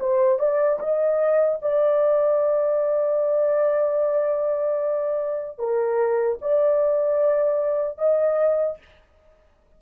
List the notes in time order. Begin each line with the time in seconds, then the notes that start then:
0.00 C5
0.39 D5
0.80 D#5
1.62 D5
5.59 A#4
6.42 D5
7.99 D#5